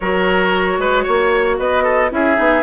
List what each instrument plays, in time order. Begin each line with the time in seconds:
0.00 bassoon F#3, clarinet F#4, oboe A#4, flute C#5
0.78 bassoon G#3, oboe B4
1.03 bassoon A#3, oboe C#5
1.58 bassoon B3, oboe B4, flute D#5
1.83 oboe A4
2.10 bassoon C#4, clarinet E4, oboe G#4, flute E5
2.35 bassoon B3, clarinet D#4